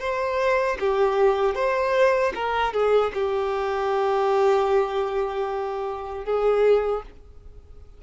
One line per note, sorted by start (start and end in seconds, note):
0.00 0.78 C5
0.80 1.55 G4
1.55 2.33 C5
2.35 2.73 A#4
2.73 3.12 G#4
3.14 6.25 G4
6.25 7.03 G#4